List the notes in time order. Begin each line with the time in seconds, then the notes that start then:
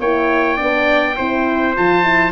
0.00 A#3 E4 C#5 G5
0.57 B3 D4 D5
1.16 C4 E4 C5
1.76 F3 F4 A5
2.03 E4